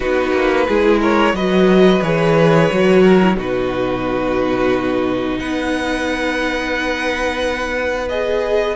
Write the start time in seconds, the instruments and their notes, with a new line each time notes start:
0.00 cello B3, viola D#4, violin F#4 B4
0.32 cello A#3
0.67 cello G#3, viola E4, violin G#4
1.00 violin A#4 C#5
1.33 cello F#3, viola F#4, violin B4 D#5
2.02 cello E3, viola G#4, violin C#5
2.70 cello F#3, viola F#4
3.02 violin A#4
3.21 viola E4
3.35 cello B2, viola D#4, violin F#4 B4
5.38 cello B3, violin B4 F#5
8.08 viola G#4, violin D#5